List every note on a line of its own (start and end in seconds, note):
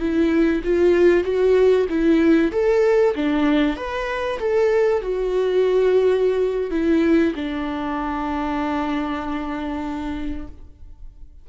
0.00 0.62 E4
0.64 1.24 F4
1.24 1.87 F#4
1.90 2.52 E4
2.52 3.15 A4
3.16 3.77 D4
3.77 4.39 B4
4.40 5.02 A4
5.02 6.71 F#4
6.71 7.34 E4
7.36 10.48 D4